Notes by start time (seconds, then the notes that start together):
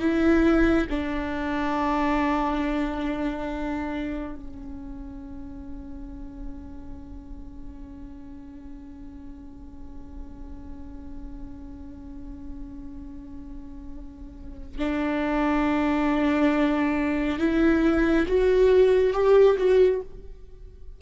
0.00 E4
0.90 D4
4.36 C#4
14.79 D4
17.39 E4
18.27 F#4
19.13 G4
19.58 F#4